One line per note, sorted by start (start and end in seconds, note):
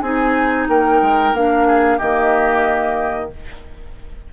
0.00 0.67 C4
0.00 1.34 D#4
0.00 0.68 G#4
0.00 0.66 G#5
0.68 1.01 A#3
0.68 1.67 A#4
0.68 1.35 G5
1.01 1.32 G#3
1.32 1.98 A#3
1.32 1.99 D4
1.32 1.98 F5
1.67 1.97 G#4
1.97 3.32 D#3
1.97 3.31 A#3
1.97 3.29 G4
1.97 3.30 D#5